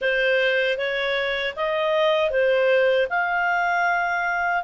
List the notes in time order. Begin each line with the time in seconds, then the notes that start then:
0.01 C5
0.77 C#5
1.56 D#5
2.30 C5
3.09 F5